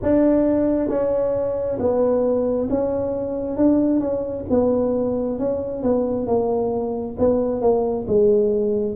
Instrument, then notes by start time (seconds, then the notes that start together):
tuba
0.02 D4
0.88 C#4
1.79 B3
2.69 C#4
3.56 D4
3.99 C#4
4.49 B3
5.39 C#4
5.82 B3
6.26 A#3
7.18 B3
7.61 A#3
8.07 G#3